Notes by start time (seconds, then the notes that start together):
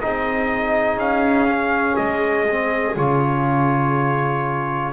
0.00 C4 D#4 G#4 D#5
0.96 C#4 F5
1.49 C#4
1.96 G#3 D#5
2.50 C4
2.96 C#3 F4 C#5